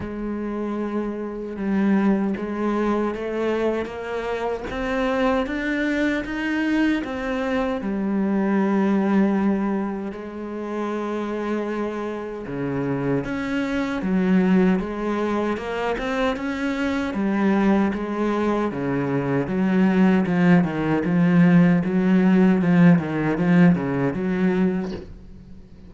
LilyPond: \new Staff \with { instrumentName = "cello" } { \time 4/4 \tempo 4 = 77 gis2 g4 gis4 | a4 ais4 c'4 d'4 | dis'4 c'4 g2~ | g4 gis2. |
cis4 cis'4 fis4 gis4 | ais8 c'8 cis'4 g4 gis4 | cis4 fis4 f8 dis8 f4 | fis4 f8 dis8 f8 cis8 fis4 | }